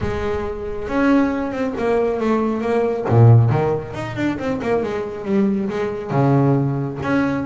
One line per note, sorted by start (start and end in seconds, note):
0.00 0.88 G#3
0.88 1.51 C#4
1.51 1.73 C4
1.78 2.20 A#3
2.20 2.61 A3
2.61 3.04 A#3
3.09 3.50 A#2
3.50 3.93 D#3
3.94 4.16 D#4
4.16 4.38 D4
4.38 4.60 C4
4.62 4.82 A#3
4.82 5.25 G#3
5.25 5.68 G3
5.69 6.11 G#3
6.11 6.98 C#3
7.03 7.46 C#4